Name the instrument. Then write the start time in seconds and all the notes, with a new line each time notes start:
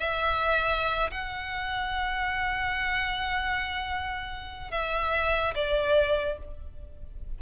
violin
0.00 E5
1.11 F#5
4.71 E5
5.55 D5